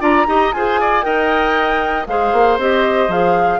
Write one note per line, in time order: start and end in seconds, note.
0.00 0.26 D4
0.00 0.26 F4
0.00 0.26 D5
0.00 0.53 A#5
0.27 0.52 D#4
0.27 0.53 G4
0.27 0.55 D#5
0.53 1.04 F4
0.53 1.02 G#4
0.53 0.81 C5
0.53 1.03 G#5
0.81 1.05 D5
1.02 2.07 D#4
1.02 2.05 A#4
1.02 2.07 D#5
1.02 2.06 G5
2.07 2.32 G#3
2.07 2.60 G#4
2.07 3.60 C5
2.07 2.59 F5
2.32 2.58 A#3
2.58 3.08 C4
2.58 3.09 G4
2.58 3.12 D#5
3.08 3.59 F3
3.08 3.60 G#4
3.08 3.60 F5